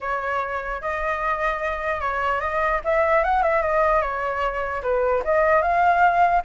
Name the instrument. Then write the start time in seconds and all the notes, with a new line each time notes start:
flute
0.01 C#5
0.81 D#5
2.00 C#5
2.40 D#5
2.84 E5
3.24 F#5
3.42 E5
3.62 D#5
4.01 C#5
4.82 B4
5.24 D#5
5.62 F5